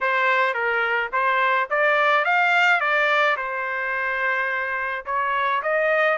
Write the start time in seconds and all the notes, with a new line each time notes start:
0.00 C5
0.54 A#4
1.12 C5
1.70 D5
2.25 F5
2.80 D5
3.36 C5
5.05 C#5
5.62 D#5